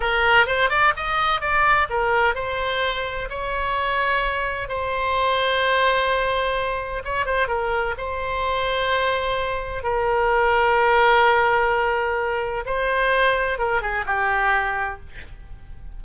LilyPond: \new Staff \with { instrumentName = "oboe" } { \time 4/4 \tempo 4 = 128 ais'4 c''8 d''8 dis''4 d''4 | ais'4 c''2 cis''4~ | cis''2 c''2~ | c''2. cis''8 c''8 |
ais'4 c''2.~ | c''4 ais'2.~ | ais'2. c''4~ | c''4 ais'8 gis'8 g'2 | }